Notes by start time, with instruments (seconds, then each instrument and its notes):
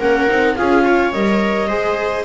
0.00 double bass A#3, viola C#4 A#4, clarinet F#5
0.28 double bass C4, viola D#4
0.56 double bass C#4, viola F4 G#4, clarinet F5
0.85 viola C#5
1.12 double bass G3, viola A#4, clarinet D#5
1.68 double bass G#3, viola G#4 C5